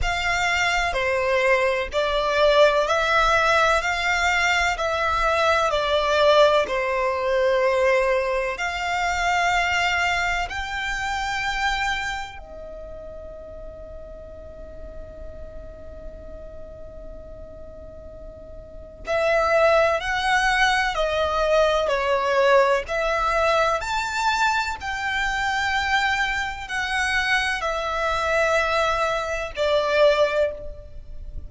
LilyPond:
\new Staff \with { instrumentName = "violin" } { \time 4/4 \tempo 4 = 63 f''4 c''4 d''4 e''4 | f''4 e''4 d''4 c''4~ | c''4 f''2 g''4~ | g''4 dis''2.~ |
dis''1 | e''4 fis''4 dis''4 cis''4 | e''4 a''4 g''2 | fis''4 e''2 d''4 | }